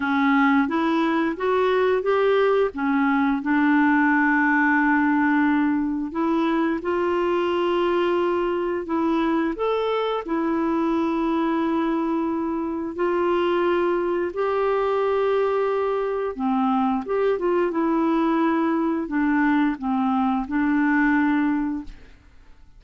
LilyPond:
\new Staff \with { instrumentName = "clarinet" } { \time 4/4 \tempo 4 = 88 cis'4 e'4 fis'4 g'4 | cis'4 d'2.~ | d'4 e'4 f'2~ | f'4 e'4 a'4 e'4~ |
e'2. f'4~ | f'4 g'2. | c'4 g'8 f'8 e'2 | d'4 c'4 d'2 | }